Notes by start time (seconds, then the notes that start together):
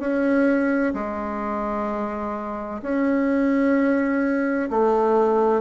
0.00 C#4
0.94 G#3
2.82 C#4
4.70 A3